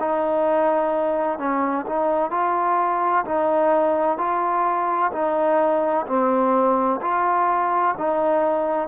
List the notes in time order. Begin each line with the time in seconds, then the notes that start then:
0.00 D#4
1.39 C#4
1.87 D#4
2.31 F4
3.25 D#4
4.18 F4
5.13 D#4
6.07 C4
7.01 F4
7.98 D#4